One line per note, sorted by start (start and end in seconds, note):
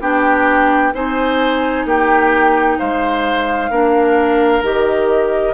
0.00 0.92 B3
0.00 0.93 D4
0.00 0.93 G4
0.00 0.94 G5
0.93 1.85 C4
0.93 3.70 D#4
0.93 1.86 C5
0.93 1.87 G#5
1.85 2.77 A#3
1.85 2.78 G4
1.85 2.79 G5
2.78 3.69 G#3
2.78 3.70 C5
2.78 4.63 F5
3.69 4.62 A#3
3.69 4.63 D4
3.69 5.53 A#4
4.62 5.53 D#3
4.62 5.53 G4
4.62 5.53 D#5